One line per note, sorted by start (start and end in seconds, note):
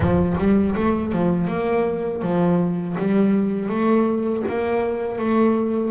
0.00 0.36 F3
0.38 0.75 G3
0.75 1.12 A3
1.12 1.47 F3
1.47 2.22 A#3
2.22 2.96 F3
2.98 3.69 G3
3.69 4.43 A3
4.48 5.18 A#3
5.18 5.91 A3